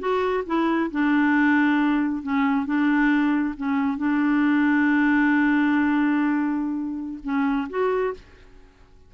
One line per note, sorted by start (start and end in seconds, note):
0.00 0.44 F#4
0.46 0.91 E4
0.91 2.23 D4
2.23 2.66 C#4
2.66 3.55 D4
3.57 3.98 C#4
3.98 7.20 D4
7.24 7.68 C#4
7.70 8.14 F#4